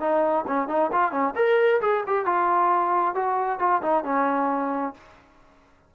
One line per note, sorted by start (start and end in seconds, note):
0.00 0.45 D#4
0.47 0.68 C#4
0.68 0.91 D#4
0.92 1.12 F4
1.12 1.34 C#4
1.36 1.81 A#4
1.82 2.04 G#4
2.07 2.26 G4
2.26 3.15 F4
3.15 3.59 F#4
3.59 3.82 F4
3.82 4.04 D#4
4.04 4.94 C#4